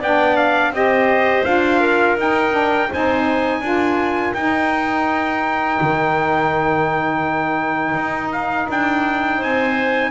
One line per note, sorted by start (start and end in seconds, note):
0.00 0.71 B3
0.00 0.73 D4
0.00 0.72 D5
0.00 0.37 G5
0.37 0.73 F5
0.71 1.43 C4
0.71 1.45 G4
0.71 1.81 C5
0.71 1.45 D#5
1.45 2.18 D4
1.45 2.17 F4
1.45 2.17 F5
1.81 2.89 A#4
2.18 2.90 D#4
2.18 2.51 D#4
2.18 2.93 G5
2.51 2.87 D4
2.91 3.61 C4
2.91 3.63 D#4
2.91 3.61 C5
2.91 4.34 G#5
3.61 4.33 D4
3.61 4.36 F4
3.61 9.38 A#4
4.34 5.79 D#4
4.34 10.11 D#4
4.34 8.32 G5
5.81 7.95 D#3
7.95 8.67 D#4
8.33 8.69 F5
8.69 9.41 D4
8.69 9.44 G5
9.38 10.11 C4
9.38 10.11 C5
9.38 10.11 G#5